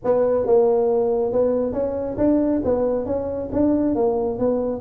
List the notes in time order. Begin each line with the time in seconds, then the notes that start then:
0.04 B3
0.46 A#3
1.32 B3
1.73 C#4
2.17 D4
2.64 B3
3.05 C#4
3.52 D4
3.95 A#3
4.39 B3